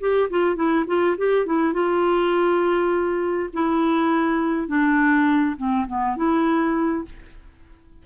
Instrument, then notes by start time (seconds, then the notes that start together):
clarinet
0.00 G4
0.30 F4
0.55 E4
0.87 F4
1.17 G4
1.46 E4
1.73 F4
3.53 E4
4.67 D4
5.57 C4
5.87 B3
6.16 E4